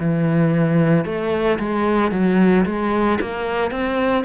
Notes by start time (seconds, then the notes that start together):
0.00 E3
1.05 A3
1.59 G#3
2.12 F#3
2.65 G#3
3.21 A#3
3.72 C4